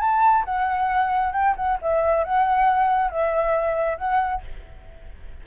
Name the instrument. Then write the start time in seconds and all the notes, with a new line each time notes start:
flute
0.00 A5
0.45 F#5
1.32 G5
1.56 F#5
1.81 E5
2.24 F#5
3.11 E5
3.97 F#5